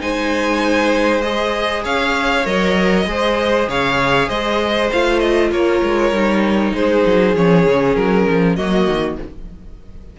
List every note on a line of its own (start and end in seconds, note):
0.00 1.84 G#3
0.00 1.21 D#4
0.00 1.83 C5
0.00 1.21 G#5
1.21 2.43 G#4
1.21 1.82 D#5
1.83 2.46 C#4
1.83 3.06 C#5
1.83 2.46 F5
2.45 3.06 F#3
2.45 3.06 A#4
2.45 3.68 D#5
3.06 3.67 G#3
3.06 4.90 G#4
3.06 3.69 C5
3.68 4.28 C#3
3.68 4.28 C#5
3.68 4.29 F5
4.28 4.90 G#3
4.28 5.50 C5
4.28 4.90 D#5
4.92 5.51 A3
4.92 6.12 F4
4.92 5.19 F5
5.19 5.49 D#5
5.51 5.81 A#3
5.51 6.73 A#4
5.51 6.74 C#5
5.82 6.11 G#3
6.11 6.73 G3
6.11 7.35 D#4
6.73 7.04 G#3
6.73 8.56 G#4
6.73 7.35 C5
7.06 7.35 F#3
7.35 7.66 F3
7.35 8.58 C#4
7.35 7.95 C#5
7.66 7.96 C#3
7.95 8.27 F#3
7.95 8.55 A#4
8.30 8.57 F3
8.55 8.87 F#3
8.55 9.19 A#3
8.55 9.17 F#4
8.55 9.17 D#5
8.87 9.18 D#3